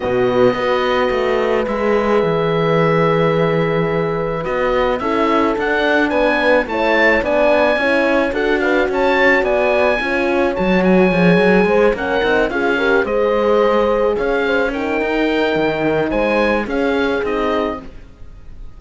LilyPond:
<<
  \new Staff \with { instrumentName = "oboe" } { \time 4/4 \tempo 4 = 108 dis''2. e''4~ | e''1 | dis''4 e''4 fis''4 gis''4 | a''4 gis''2 fis''8 f''8 |
a''4 gis''2 a''8 gis''8~ | gis''4. fis''4 f''4 dis''8~ | dis''4. f''4 g''4.~ | g''4 gis''4 f''4 dis''4 | }
  \new Staff \with { instrumentName = "horn" } { \time 4/4 fis'4 b'2.~ | b'1~ | b'4 a'2 b'4 | cis''4 d''4 cis''4 a'8 b'8 |
cis''4 d''4 cis''2~ | cis''4 c''8 ais'4 gis'8 ais'8 c''8~ | c''4. cis''8 c''8 ais'4.~ | ais'4 c''4 gis'2 | }
  \new Staff \with { instrumentName = "horn" } { \time 4/4 b4 fis'2 gis'4~ | gis'1 | fis'4 e'4 d'2 | e'4 d'4 e'4 fis'4~ |
fis'2 f'4 fis'4 | gis'4. cis'8 dis'8 f'8 g'8 gis'8~ | gis'2~ gis'8 dis'4.~ | dis'2 cis'4 dis'4 | }
  \new Staff \with { instrumentName = "cello" } { \time 4/4 b,4 b4 a4 gis4 | e1 | b4 cis'4 d'4 b4 | a4 b4 cis'4 d'4 |
cis'4 b4 cis'4 fis4 | f8 fis8 gis8 ais8 c'8 cis'4 gis8~ | gis4. cis'4. dis'4 | dis4 gis4 cis'4 c'4 | }
>>